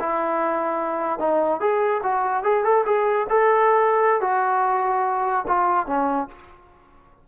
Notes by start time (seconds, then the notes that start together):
0.00 E4
1.19 D#4
1.60 G#4
2.03 F#4
2.44 G#4
2.64 A4
2.86 G#4
3.30 A4
4.21 F#4
5.48 F4
5.87 C#4